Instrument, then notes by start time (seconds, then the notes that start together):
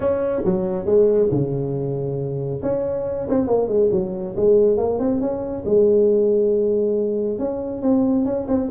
tuba
0.00 C#4
0.44 F#3
0.85 G#3
1.31 C#3
2.62 C#4
3.29 C4
3.47 A#3
3.68 G#3
3.91 F#3
4.36 G#3
4.77 A#3
4.99 C4
5.20 C#4
5.65 G#3
7.38 C#4
7.82 C4
8.25 C#4
8.48 C4